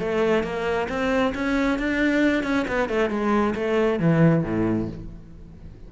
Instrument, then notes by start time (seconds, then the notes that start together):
cello
0.00 A3
0.44 A#3
0.89 C4
1.35 C#4
1.79 D4
2.44 C#4
2.68 B3
2.89 A3
3.10 G#3
3.56 A3
4.00 E3
4.44 A2